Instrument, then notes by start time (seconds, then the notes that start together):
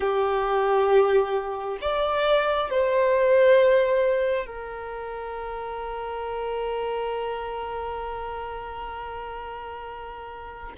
violin
0.00 G4
1.81 D5
2.70 C5
4.45 A#4